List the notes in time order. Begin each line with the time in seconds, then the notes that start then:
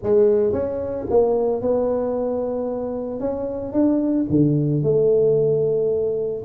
0.02 G#3
0.52 C#4
1.10 A#3
1.61 B3
3.19 C#4
3.72 D4
4.29 D3
4.82 A3